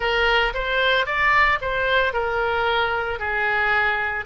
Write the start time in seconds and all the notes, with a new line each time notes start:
0.00 A#4
0.54 C5
1.05 D5
1.61 C5
2.13 A#4
3.19 G#4